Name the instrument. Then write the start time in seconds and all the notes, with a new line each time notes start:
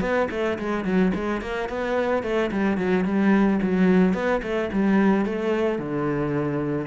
cello
0.00 B3
0.30 A3
0.58 G#3
0.84 F#3
1.14 G#3
1.41 A#3
1.69 B3
2.23 A3
2.51 G3
2.77 F#3
3.04 G3
3.62 F#3
4.14 B3
4.42 A3
4.72 G3
5.25 A3
5.78 D3